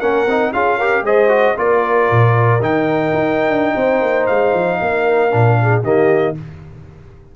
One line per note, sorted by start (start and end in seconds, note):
0.00 0.26 A#3
0.00 0.27 C#4
0.00 0.52 A#4
0.00 0.52 F#5
0.26 0.52 C4
0.26 0.54 D#4
0.53 1.02 C#4
0.53 0.80 F4
0.53 0.78 G#4
0.53 1.04 F5
0.78 1.06 G4
0.78 1.04 A#4
1.02 1.54 G#3
1.02 1.28 G#4
1.02 1.57 C5
1.02 1.57 D#5
1.28 1.54 F#4
1.57 2.09 A#3
1.57 2.60 F4
1.57 3.76 A#4
1.57 2.62 D5
2.11 2.61 A#2
2.61 3.12 D#3
2.61 5.30 D#4
2.61 4.26 G5
3.13 3.48 D#4
3.48 3.74 D4
3.75 4.01 C4
3.75 4.79 C5
4.01 4.27 A#3
4.26 4.54 G#3
4.26 5.82 F5
4.54 4.80 F3
4.81 5.33 A#3
4.81 5.59 A#4
5.30 5.83 A#2
5.30 5.82 D4
5.62 5.84 G#4
5.83 6.35 D#3
5.83 6.35 A#3
5.83 6.35 G4
5.83 6.36 D#5